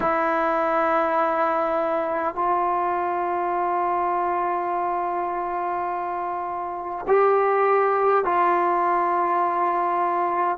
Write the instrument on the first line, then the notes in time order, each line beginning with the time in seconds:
trombone
0.00 E4
2.35 F4
7.07 G4
8.25 F4